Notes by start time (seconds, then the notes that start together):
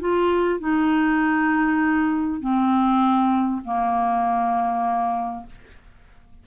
0.00 F4
0.59 D#4
2.40 C4
3.64 A#3